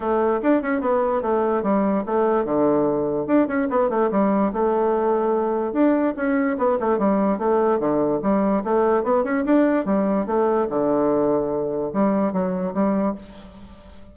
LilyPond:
\new Staff \with { instrumentName = "bassoon" } { \time 4/4 \tempo 4 = 146 a4 d'8 cis'8 b4 a4 | g4 a4 d2 | d'8 cis'8 b8 a8 g4 a4~ | a2 d'4 cis'4 |
b8 a8 g4 a4 d4 | g4 a4 b8 cis'8 d'4 | g4 a4 d2~ | d4 g4 fis4 g4 | }